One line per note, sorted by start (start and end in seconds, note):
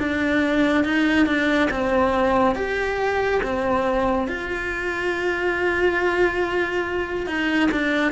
0.00 0.85 D4
0.85 1.27 D#4
1.27 1.69 D4
1.71 2.56 C4
2.56 3.41 G4
3.44 4.29 C4
4.29 7.27 F4
7.27 7.70 D#4
7.72 8.12 D4